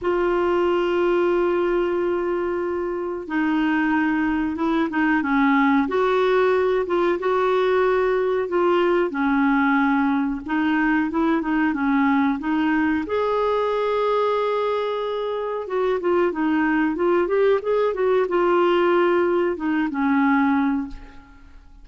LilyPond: \new Staff \with { instrumentName = "clarinet" } { \time 4/4 \tempo 4 = 92 f'1~ | f'4 dis'2 e'8 dis'8 | cis'4 fis'4. f'8 fis'4~ | fis'4 f'4 cis'2 |
dis'4 e'8 dis'8 cis'4 dis'4 | gis'1 | fis'8 f'8 dis'4 f'8 g'8 gis'8 fis'8 | f'2 dis'8 cis'4. | }